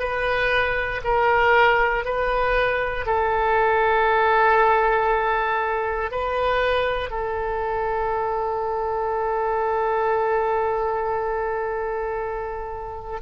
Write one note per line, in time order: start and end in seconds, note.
0.00 1.02 B4
1.04 2.05 A#4
2.05 3.06 B4
3.06 6.12 A4
6.12 7.10 B4
7.10 13.21 A4